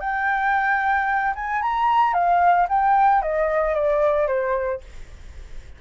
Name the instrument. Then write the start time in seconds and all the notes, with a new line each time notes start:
flute
0.00 G5
1.35 G#5
1.62 A#5
2.14 F5
2.69 G5
3.22 D#5
3.74 D5
4.27 C5